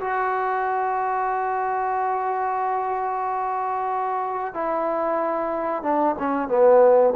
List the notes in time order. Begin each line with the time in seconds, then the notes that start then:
0.00 F#4
4.54 E4
5.83 D4
6.18 C#4
6.48 B3